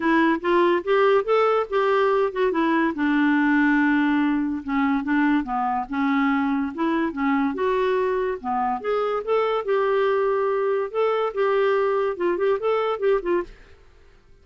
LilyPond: \new Staff \with { instrumentName = "clarinet" } { \time 4/4 \tempo 4 = 143 e'4 f'4 g'4 a'4 | g'4. fis'8 e'4 d'4~ | d'2. cis'4 | d'4 b4 cis'2 |
e'4 cis'4 fis'2 | b4 gis'4 a'4 g'4~ | g'2 a'4 g'4~ | g'4 f'8 g'8 a'4 g'8 f'8 | }